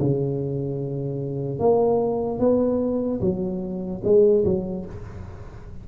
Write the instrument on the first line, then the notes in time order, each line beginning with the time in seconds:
tuba
0.00 C#3
1.60 A#3
2.40 B3
3.21 F#3
4.04 G#3
4.45 F#3